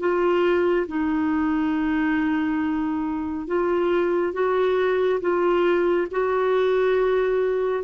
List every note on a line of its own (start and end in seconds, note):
0.00 0.87 F4
0.87 3.47 D#4
3.47 4.33 F4
4.33 5.20 F#4
5.21 6.08 F4
6.11 7.84 F#4